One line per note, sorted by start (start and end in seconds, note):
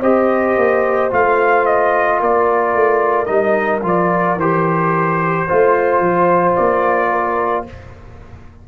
0.00 0.56 C4
0.00 1.10 G4
0.00 2.18 C5
0.00 1.12 D#5
0.56 1.11 A#3
1.10 2.20 A3
1.10 3.26 F4
1.10 1.66 F5
1.66 2.20 D#5
2.18 2.74 A#3
2.18 5.45 A#4
2.18 3.25 D5
2.74 3.28 A3
3.25 3.83 G3
3.25 3.81 D#4
3.25 3.80 D#5
3.83 4.36 F3
3.83 4.37 F4
3.83 4.40 D5
4.36 5.45 E3
4.36 5.48 G4
4.36 6.55 C5
5.45 7.66 F4
5.45 7.09 C5
5.52 6.00 A3
6.00 6.54 F3
6.55 7.68 A#3
6.55 7.65 D5
7.10 7.65 A#4